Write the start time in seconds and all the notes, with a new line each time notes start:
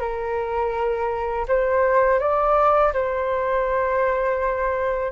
0.00 A#4
1.48 C5
2.19 D5
2.93 C5